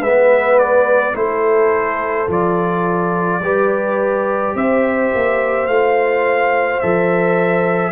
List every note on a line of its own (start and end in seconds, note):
0.00 1.14 G#3
0.00 1.14 B3
0.00 1.13 B4
0.00 0.59 E5
0.59 1.16 D5
1.14 2.28 A3
1.14 2.28 E4
1.14 3.44 A4
1.14 2.29 C5
2.28 3.40 F3
2.28 3.41 F4
2.28 4.57 D5
3.40 4.54 G3
3.40 5.70 G4
3.40 4.57 B4
4.55 5.12 C4
4.55 7.92 C5
4.55 5.68 E5
5.15 5.68 A#3
5.68 6.81 A3
5.68 6.83 F4
5.68 6.80 F5
6.80 7.92 F3
6.80 7.92 A4
6.80 7.92 E5